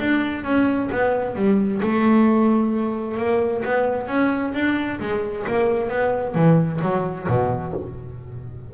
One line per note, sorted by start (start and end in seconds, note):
0.00 0.44 D4
0.44 0.90 C#4
0.92 1.36 B3
1.36 1.81 G3
1.83 3.18 A3
3.18 3.63 A#3
3.65 4.08 B3
4.08 4.53 C#4
4.54 5.00 D4
5.00 5.46 G#3
5.48 5.89 A#3
5.89 6.35 B3
6.35 6.80 E3
6.82 7.28 F#3
7.28 7.74 B2